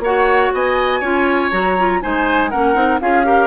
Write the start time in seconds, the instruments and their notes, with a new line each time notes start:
0.00 bassoon A#3, clarinet F#4, oboe C#5, flute F#5
0.54 bassoon B3, oboe D#5, flute G#5
1.01 bassoon C#4, clarinet F4, oboe C#5
1.52 bassoon F#3, clarinet F#4, flute A#5
1.79 clarinet F4
2.02 bassoon G#3, clarinet D#4, oboe C5, flute G#5
2.50 bassoon A#3, clarinet C#4, oboe A#4, flute F#5
2.75 bassoon C4, clarinet D#4
3.01 bassoon C#4, clarinet F4, oboe G#4, flute F5
3.25 clarinet G4, oboe A#4